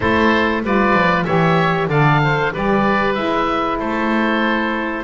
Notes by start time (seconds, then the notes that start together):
0.00 A3 E4 A4 C5
0.62 G3 F4 B4 D5
0.93 F3
1.24 E3 G4 C#5 E5
1.87 D3 A4 D5 F5
2.23 C5
2.53 G3 G4 B4 D5
3.14 G#3 E4 E5
3.79 A3 A4 C5